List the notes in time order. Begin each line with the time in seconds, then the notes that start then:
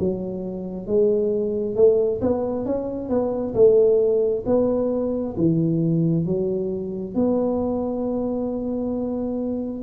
0.00 F#3
0.87 G#3
1.76 A3
2.22 B3
2.66 C#4
3.10 B3
3.55 A3
4.47 B3
5.37 E3
6.26 F#3
7.15 B3